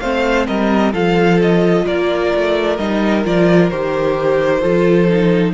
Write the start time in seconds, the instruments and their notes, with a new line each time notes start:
0.00 cello A3, viola C4, violin C5 F5
0.47 cello G3, violin A#4 D#5
0.93 cello F3, viola F4, violin A4 F5
1.42 violin D#5
1.86 cello A#3, violin A#4 D5
2.35 cello A3
2.77 cello G3, viola D#4, violin D#5
3.25 cello F3, viola F4, violin D5
3.70 cello D#3, viola G4, violin C5
4.61 cello F3, viola F4, violin A4
5.09 viola D#4